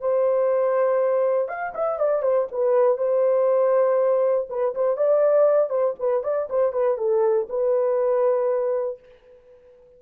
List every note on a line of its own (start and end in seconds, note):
0.00 1.48 C5
1.48 1.73 F5
1.74 1.99 E5
1.99 2.22 D5
2.22 2.47 C5
2.51 2.97 B4
2.97 4.47 C5
4.49 4.74 B4
4.75 4.97 C5
4.97 5.69 D5
5.69 5.94 C5
5.99 6.23 B4
6.23 6.48 D5
6.50 6.72 C5
6.72 6.97 B4
6.97 7.47 A4
7.49 8.99 B4